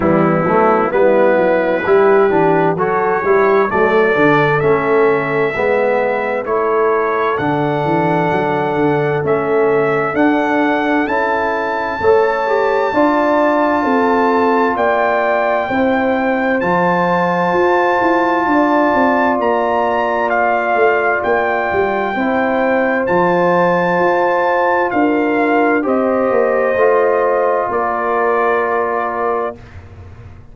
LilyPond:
<<
  \new Staff \with { instrumentName = "trumpet" } { \time 4/4 \tempo 4 = 65 e'4 b'2 cis''4 | d''4 e''2 cis''4 | fis''2 e''4 fis''4 | a''1 |
g''2 a''2~ | a''4 ais''4 f''4 g''4~ | g''4 a''2 f''4 | dis''2 d''2 | }
  \new Staff \with { instrumentName = "horn" } { \time 4/4 b4 e'4 g'4 a'8 g'8 | a'2 b'4 a'4~ | a'1~ | a'4 cis''4 d''4 a'4 |
d''4 c''2. | d''1 | c''2. ais'4 | c''2 ais'2 | }
  \new Staff \with { instrumentName = "trombone" } { \time 4/4 g8 a8 b4 e'8 d'8 fis'8 e'8 | a8 d'8 cis'4 b4 e'4 | d'2 cis'4 d'4 | e'4 a'8 g'8 f'2~ |
f'4 e'4 f'2~ | f'1 | e'4 f'2. | g'4 f'2. | }
  \new Staff \with { instrumentName = "tuba" } { \time 4/4 e8 fis8 g8 fis8 g8 e8 fis8 g8 | fis8 d8 a4 gis4 a4 | d8 e8 fis8 d8 a4 d'4 | cis'4 a4 d'4 c'4 |
ais4 c'4 f4 f'8 e'8 | d'8 c'8 ais4. a8 ais8 g8 | c'4 f4 f'4 d'4 | c'8 ais8 a4 ais2 | }
>>